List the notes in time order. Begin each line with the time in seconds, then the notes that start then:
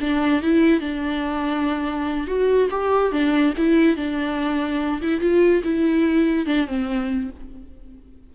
0.00 D4
0.42 E4
0.80 D4
2.27 F#4
2.70 G4
3.11 D4
3.57 E4
3.96 D4
5.01 E4
5.20 F4
5.63 E4
6.46 D4
6.67 C4